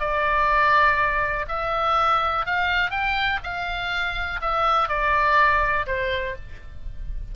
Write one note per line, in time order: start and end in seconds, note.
0.00 1.46 D5
1.49 2.46 E5
2.46 2.91 F5
2.91 3.40 G5
3.44 4.41 F5
4.41 4.89 E5
4.89 5.86 D5
5.87 6.36 C5